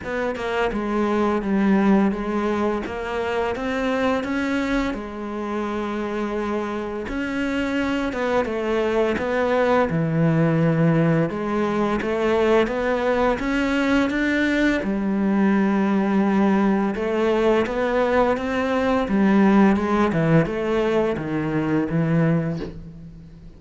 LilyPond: \new Staff \with { instrumentName = "cello" } { \time 4/4 \tempo 4 = 85 b8 ais8 gis4 g4 gis4 | ais4 c'4 cis'4 gis4~ | gis2 cis'4. b8 | a4 b4 e2 |
gis4 a4 b4 cis'4 | d'4 g2. | a4 b4 c'4 g4 | gis8 e8 a4 dis4 e4 | }